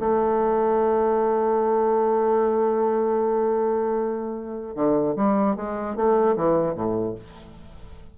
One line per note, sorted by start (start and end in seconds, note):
0.00 4.76 A3
4.76 5.16 D3
5.17 5.57 G3
5.57 5.97 G#3
5.97 6.37 A3
6.37 6.75 E3
6.75 7.15 A2